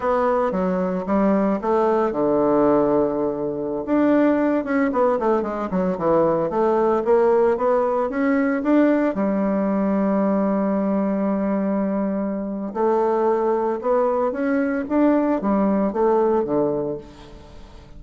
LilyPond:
\new Staff \with { instrumentName = "bassoon" } { \time 4/4 \tempo 4 = 113 b4 fis4 g4 a4 | d2.~ d16 d'8.~ | d'8. cis'8 b8 a8 gis8 fis8 e8.~ | e16 a4 ais4 b4 cis'8.~ |
cis'16 d'4 g2~ g8.~ | g1 | a2 b4 cis'4 | d'4 g4 a4 d4 | }